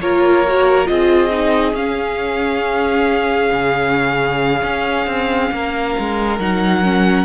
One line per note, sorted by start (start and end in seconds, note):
0.00 0.88 A#3
0.00 0.45 F4
0.00 0.90 A#4
0.00 0.87 C#5
0.48 0.85 F#4
0.85 1.73 C4
0.85 1.29 F4
0.85 5.54 G#4
0.85 1.75 D#5
1.31 1.75 D#4
1.73 3.50 C#4
1.73 6.39 C#4
1.73 6.39 F5
3.52 4.62 C#3
4.63 5.06 C#4
5.06 5.50 C4
5.51 5.95 A#3
5.51 7.25 A#4
5.99 6.38 G#3
6.38 7.25 F#3
6.38 6.84 D#4
6.38 7.25 F#5
6.84 7.25 C#4